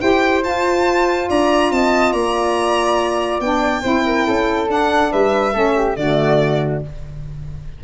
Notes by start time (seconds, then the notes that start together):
0.00 E4 G4 C5 G5
0.43 F4 A5
1.29 D4 D5 A#5
1.71 C4 D#5 A5
2.12 A#3 D5 A#5
3.40 B3 D4 G5
3.81 C4 E4 C5
4.05 A#4
4.26 C#4 A4
4.67 D4 F#5
5.11 G3 B4 E5
5.52 A3 C#4 A4
5.75 G4
5.96 D3 A3 F#4 D5